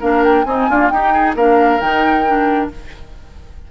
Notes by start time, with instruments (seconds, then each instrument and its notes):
0.00 bassoon A#3, clarinet D4, oboe A#4, flute F5
0.24 flute G5
0.44 bassoon C4, clarinet C4, oboe D#4, flute G#5
0.69 clarinet A#3, bassoon D4, oboe F4
0.89 bassoon D#4, clarinet D#4, oboe G4, flute G5
1.13 oboe G#4
1.35 bassoon A#3, clarinet D4, oboe A#4, flute F5
1.80 bassoon D#3, clarinet D#4, flute G5
2.26 clarinet D4